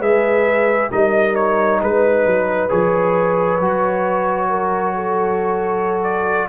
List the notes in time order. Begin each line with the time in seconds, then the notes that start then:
0.00 G#3 G#4 B4 E5
0.91 G3 D#4 A#4 D#5
1.36 C#5
1.81 G#3 B4
2.26 F#3
2.69 F3 G#4 C#5
3.60 F#3 F#4
4.50 A#4
4.95 A4
6.03 D5